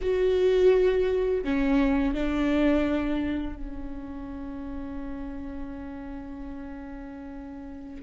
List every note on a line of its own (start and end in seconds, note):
0.01 1.44 F#4
1.44 2.14 C#4
2.14 3.56 D4
3.56 8.02 C#4